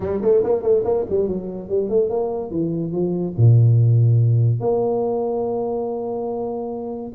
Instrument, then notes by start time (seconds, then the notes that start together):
tuba
0.00 G3
0.21 A3
0.43 A#3
0.62 A3
0.84 A#3
1.09 G3
1.28 F#3
1.69 G3
1.89 A3
2.09 A#3
2.50 E3
2.92 F3
3.37 A#2
4.60 A#3